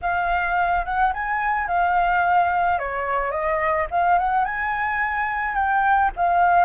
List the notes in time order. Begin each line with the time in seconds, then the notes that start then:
0.02 F5
0.85 F#5
1.13 G#5
1.67 F5
2.79 C#5
3.31 D#5
3.90 F5
4.18 F#5
4.44 G#5
5.55 G5
6.16 F5